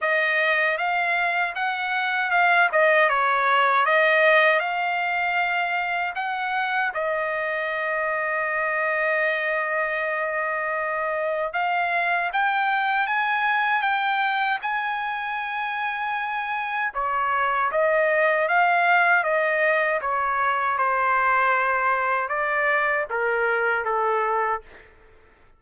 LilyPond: \new Staff \with { instrumentName = "trumpet" } { \time 4/4 \tempo 4 = 78 dis''4 f''4 fis''4 f''8 dis''8 | cis''4 dis''4 f''2 | fis''4 dis''2.~ | dis''2. f''4 |
g''4 gis''4 g''4 gis''4~ | gis''2 cis''4 dis''4 | f''4 dis''4 cis''4 c''4~ | c''4 d''4 ais'4 a'4 | }